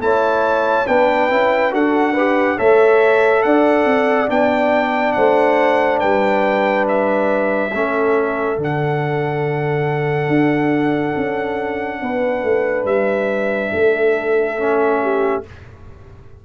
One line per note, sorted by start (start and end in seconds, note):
0.00 0.86 A3
0.00 0.86 E4
0.00 0.88 C#5
0.00 0.87 A5
0.87 1.31 B3
0.87 1.30 D4
0.87 1.73 B4
0.87 1.73 G5
1.30 1.72 C#4
1.30 1.71 E4
1.71 2.58 D4
1.71 2.14 F#4
1.71 2.13 A4
1.71 2.59 F#5
2.13 2.58 G4
2.13 2.56 B4
2.57 3.44 A3
2.57 4.28 A4
2.57 3.42 C#5
2.57 3.42 E5
3.42 3.85 D4
3.42 5.16 D5
3.42 4.28 F#5
3.85 4.28 C4
4.28 5.16 B3
4.28 7.71 D4
4.28 5.12 G5
5.12 6.02 A3
5.12 6.00 C5
5.12 5.98 F#5
6.00 7.74 G3
6.00 7.72 B4
6.00 6.86 G5
6.88 8.60 E5
7.72 8.57 A3
7.72 8.56 C#4
7.72 12.01 A4
8.56 10.27 D3
8.56 14.56 D4
8.63 12.86 F#5
10.27 11.13 D4
11.17 12.02 C#4
12.02 12.43 B3
12.02 13.74 B4
12.43 12.85 A3
12.85 13.70 G3
12.85 15.43 E5
13.73 15.44 A3
13.73 15.02 A4
14.57 15.43 C#4
15.02 15.45 G4